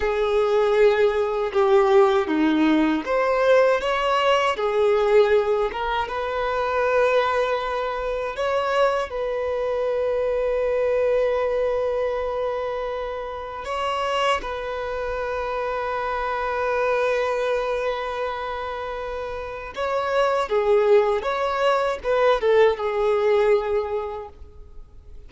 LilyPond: \new Staff \with { instrumentName = "violin" } { \time 4/4 \tempo 4 = 79 gis'2 g'4 dis'4 | c''4 cis''4 gis'4. ais'8 | b'2. cis''4 | b'1~ |
b'2 cis''4 b'4~ | b'1~ | b'2 cis''4 gis'4 | cis''4 b'8 a'8 gis'2 | }